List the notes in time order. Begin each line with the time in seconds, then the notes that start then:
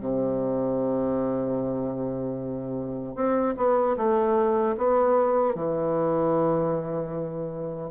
0.00 C3
3.15 C4
3.57 B3
3.97 A3
4.77 B3
5.55 E3